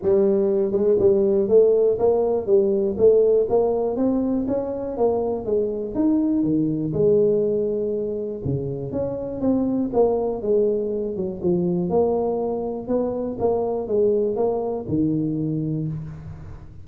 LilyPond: \new Staff \with { instrumentName = "tuba" } { \time 4/4 \tempo 4 = 121 g4. gis8 g4 a4 | ais4 g4 a4 ais4 | c'4 cis'4 ais4 gis4 | dis'4 dis4 gis2~ |
gis4 cis4 cis'4 c'4 | ais4 gis4. fis8 f4 | ais2 b4 ais4 | gis4 ais4 dis2 | }